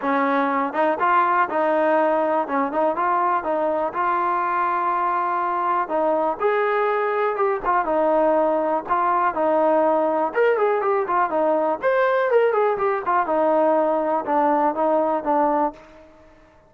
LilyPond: \new Staff \with { instrumentName = "trombone" } { \time 4/4 \tempo 4 = 122 cis'4. dis'8 f'4 dis'4~ | dis'4 cis'8 dis'8 f'4 dis'4 | f'1 | dis'4 gis'2 g'8 f'8 |
dis'2 f'4 dis'4~ | dis'4 ais'8 gis'8 g'8 f'8 dis'4 | c''4 ais'8 gis'8 g'8 f'8 dis'4~ | dis'4 d'4 dis'4 d'4 | }